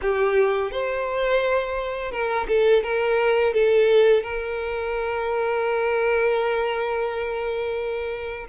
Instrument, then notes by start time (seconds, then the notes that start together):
violin
0.01 G4
0.71 C5
2.11 A#4
2.47 A4
2.83 A#4
3.53 A4
4.23 A#4